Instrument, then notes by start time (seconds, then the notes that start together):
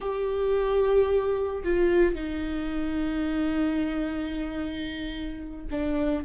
viola
0.00 G4
1.63 F4
2.14 D#4
5.70 D4